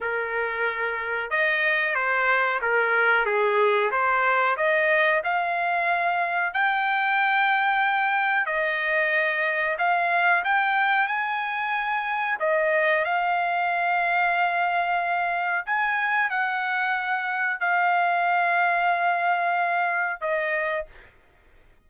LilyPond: \new Staff \with { instrumentName = "trumpet" } { \time 4/4 \tempo 4 = 92 ais'2 dis''4 c''4 | ais'4 gis'4 c''4 dis''4 | f''2 g''2~ | g''4 dis''2 f''4 |
g''4 gis''2 dis''4 | f''1 | gis''4 fis''2 f''4~ | f''2. dis''4 | }